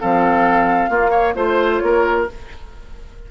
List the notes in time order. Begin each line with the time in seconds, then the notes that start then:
0.00 F3 C4 A4 F5
0.90 A#3 F4
1.11 C#5
1.35 A3 F4 C5
1.78 A#3 C#5
1.85 A#4